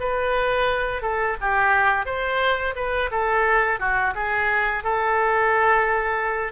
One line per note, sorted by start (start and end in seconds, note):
0.00 1.02 B4
1.02 1.36 A4
1.41 2.05 G4
2.05 2.74 C5
2.76 3.10 B4
3.11 3.79 A4
3.79 4.14 F#4
4.15 4.83 G#4
4.83 6.52 A4